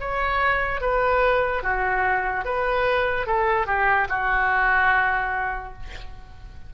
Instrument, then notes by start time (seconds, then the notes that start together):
oboe
0.00 C#5
0.81 B4
1.63 F#4
2.44 B4
3.26 A4
3.66 G4
4.09 F#4